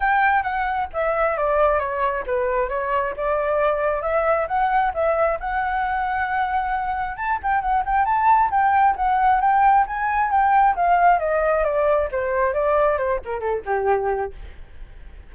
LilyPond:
\new Staff \with { instrumentName = "flute" } { \time 4/4 \tempo 4 = 134 g''4 fis''4 e''4 d''4 | cis''4 b'4 cis''4 d''4~ | d''4 e''4 fis''4 e''4 | fis''1 |
a''8 g''8 fis''8 g''8 a''4 g''4 | fis''4 g''4 gis''4 g''4 | f''4 dis''4 d''4 c''4 | d''4 c''8 ais'8 a'8 g'4. | }